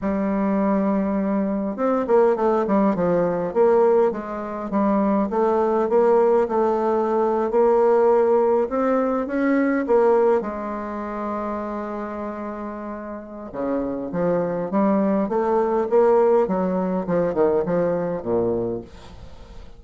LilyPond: \new Staff \with { instrumentName = "bassoon" } { \time 4/4 \tempo 4 = 102 g2. c'8 ais8 | a8 g8 f4 ais4 gis4 | g4 a4 ais4 a4~ | a8. ais2 c'4 cis'16~ |
cis'8. ais4 gis2~ gis16~ | gis2. cis4 | f4 g4 a4 ais4 | fis4 f8 dis8 f4 ais,4 | }